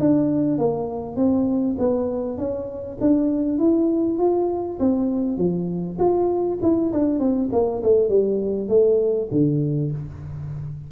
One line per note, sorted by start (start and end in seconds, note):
0.00 0.59 D4
0.59 1.16 A#3
1.16 1.76 C4
1.79 2.38 B3
2.38 2.98 C#4
3.01 3.59 D4
3.59 4.19 E4
4.19 4.79 F4
4.80 5.38 C4
5.38 5.98 F3
5.99 6.59 F4
6.62 6.92 E4
6.93 7.20 D4
7.20 7.50 C4
7.52 7.82 A#3
7.83 8.09 A3
8.09 8.69 G3
8.69 9.29 A3
9.32 9.92 D3